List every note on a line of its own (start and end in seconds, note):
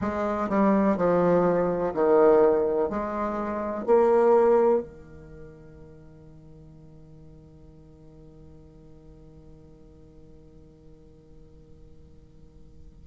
0.00 0.49 G#3
0.49 0.97 G3
0.97 1.94 F3
1.94 2.89 D#3
2.89 3.86 G#3
3.86 4.82 A#3
4.82 13.04 D#3